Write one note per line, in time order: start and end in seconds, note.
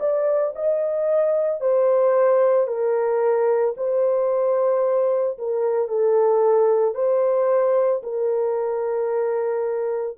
0.00 0.54 D5
0.56 1.61 D#5
1.61 2.67 C5
2.67 3.75 A#4
3.77 5.38 C5
5.39 5.88 A#4
5.88 6.94 A4
6.94 8.02 C5
8.03 10.17 A#4